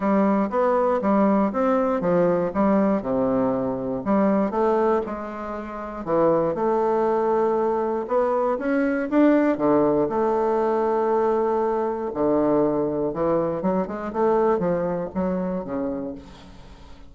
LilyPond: \new Staff \with { instrumentName = "bassoon" } { \time 4/4 \tempo 4 = 119 g4 b4 g4 c'4 | f4 g4 c2 | g4 a4 gis2 | e4 a2. |
b4 cis'4 d'4 d4 | a1 | d2 e4 fis8 gis8 | a4 f4 fis4 cis4 | }